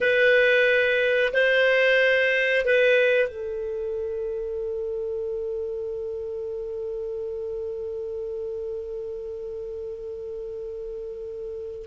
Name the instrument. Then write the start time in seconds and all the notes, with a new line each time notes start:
clarinet
0.01 B4
1.33 C5
2.65 B4
3.28 A4